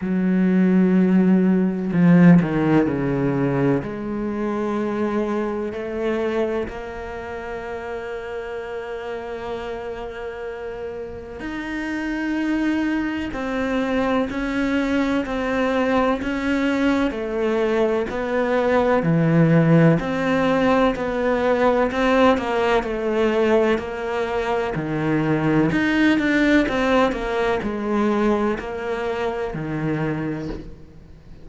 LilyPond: \new Staff \with { instrumentName = "cello" } { \time 4/4 \tempo 4 = 63 fis2 f8 dis8 cis4 | gis2 a4 ais4~ | ais1 | dis'2 c'4 cis'4 |
c'4 cis'4 a4 b4 | e4 c'4 b4 c'8 ais8 | a4 ais4 dis4 dis'8 d'8 | c'8 ais8 gis4 ais4 dis4 | }